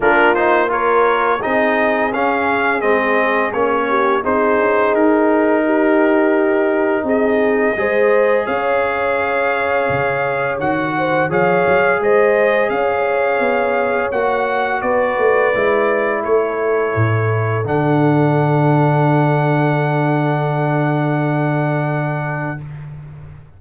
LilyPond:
<<
  \new Staff \with { instrumentName = "trumpet" } { \time 4/4 \tempo 4 = 85 ais'8 c''8 cis''4 dis''4 f''4 | dis''4 cis''4 c''4 ais'4~ | ais'2 dis''2 | f''2. fis''4 |
f''4 dis''4 f''2 | fis''4 d''2 cis''4~ | cis''4 fis''2.~ | fis''1 | }
  \new Staff \with { instrumentName = "horn" } { \time 4/4 f'4 ais'4 gis'2~ | gis'4. g'8 gis'2 | g'2 gis'4 c''4 | cis''2.~ cis''8 c''8 |
cis''4 c''4 cis''2~ | cis''4 b'2 a'4~ | a'1~ | a'1 | }
  \new Staff \with { instrumentName = "trombone" } { \time 4/4 d'8 dis'8 f'4 dis'4 cis'4 | c'4 cis'4 dis'2~ | dis'2. gis'4~ | gis'2. fis'4 |
gis'1 | fis'2 e'2~ | e'4 d'2.~ | d'1 | }
  \new Staff \with { instrumentName = "tuba" } { \time 4/4 ais2 c'4 cis'4 | gis4 ais4 c'8 cis'8 dis'4~ | dis'2 c'4 gis4 | cis'2 cis4 dis4 |
f8 fis8 gis4 cis'4 b4 | ais4 b8 a8 gis4 a4 | a,4 d2.~ | d1 | }
>>